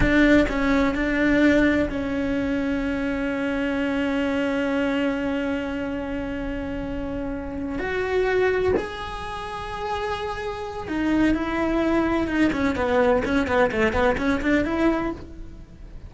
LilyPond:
\new Staff \with { instrumentName = "cello" } { \time 4/4 \tempo 4 = 127 d'4 cis'4 d'2 | cis'1~ | cis'1~ | cis'1~ |
cis'8 fis'2 gis'4.~ | gis'2. dis'4 | e'2 dis'8 cis'8 b4 | cis'8 b8 a8 b8 cis'8 d'8 e'4 | }